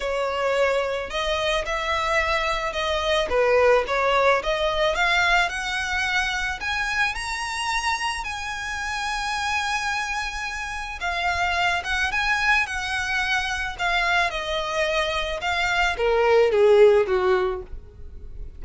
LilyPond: \new Staff \with { instrumentName = "violin" } { \time 4/4 \tempo 4 = 109 cis''2 dis''4 e''4~ | e''4 dis''4 b'4 cis''4 | dis''4 f''4 fis''2 | gis''4 ais''2 gis''4~ |
gis''1 | f''4. fis''8 gis''4 fis''4~ | fis''4 f''4 dis''2 | f''4 ais'4 gis'4 fis'4 | }